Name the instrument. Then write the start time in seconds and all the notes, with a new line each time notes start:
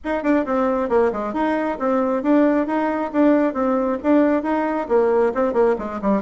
bassoon
0.04 D#4
0.23 D4
0.45 C4
0.89 A#3
1.12 G#3
1.33 D#4
1.79 C4
2.22 D4
2.66 D#4
3.12 D4
3.53 C4
4.03 D4
4.43 D#4
4.88 A#3
5.34 C4
5.53 A#3
5.78 G#3
6.01 G3